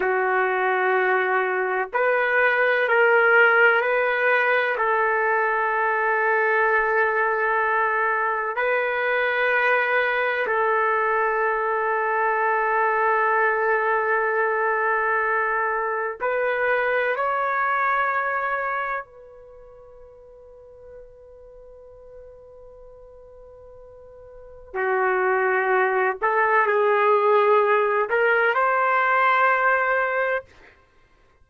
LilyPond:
\new Staff \with { instrumentName = "trumpet" } { \time 4/4 \tempo 4 = 63 fis'2 b'4 ais'4 | b'4 a'2.~ | a'4 b'2 a'4~ | a'1~ |
a'4 b'4 cis''2 | b'1~ | b'2 fis'4. a'8 | gis'4. ais'8 c''2 | }